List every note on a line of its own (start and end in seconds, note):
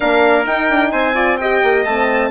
0.00 0.46 A#3
0.00 0.44 D4
0.00 0.90 A#4
0.00 0.45 F5
0.44 1.14 D#4
0.44 0.69 D#4
0.44 0.91 G5
0.69 0.92 D4
0.91 1.62 C4
0.91 1.14 C5
0.91 1.37 G#5
1.14 1.37 F4
1.14 1.37 D5
1.37 1.87 G4
1.37 2.30 D#5
1.37 1.83 G5
1.63 1.84 A#3
1.84 2.30 A3
1.84 2.30 C4
1.84 2.30 A5